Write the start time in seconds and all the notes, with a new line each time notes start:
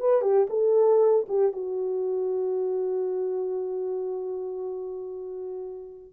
0.00 B4
0.22 G4
0.49 A4
1.28 G4
1.52 F#4